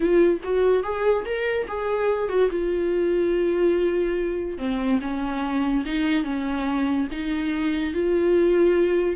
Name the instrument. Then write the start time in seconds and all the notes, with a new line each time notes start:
viola
0.00 F4
0.43 F#4
0.83 G#4
1.25 A#4
1.67 G#4
2.28 F#4
2.50 F4
4.58 C4
5.01 C#4
5.85 D#4
6.24 C#4
7.11 D#4
7.93 F4